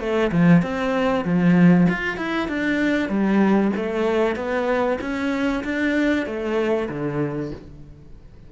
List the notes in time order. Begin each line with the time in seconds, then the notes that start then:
0.00 A3
0.32 F3
0.62 C4
1.25 F3
1.89 F4
2.17 E4
2.48 D4
3.09 G3
3.76 A3
4.36 B3
5.01 C#4
5.64 D4
6.26 A3
6.89 D3